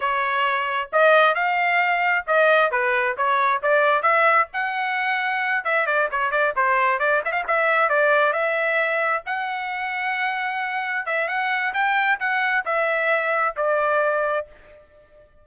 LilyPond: \new Staff \with { instrumentName = "trumpet" } { \time 4/4 \tempo 4 = 133 cis''2 dis''4 f''4~ | f''4 dis''4 b'4 cis''4 | d''4 e''4 fis''2~ | fis''8 e''8 d''8 cis''8 d''8 c''4 d''8 |
e''16 f''16 e''4 d''4 e''4.~ | e''8 fis''2.~ fis''8~ | fis''8 e''8 fis''4 g''4 fis''4 | e''2 d''2 | }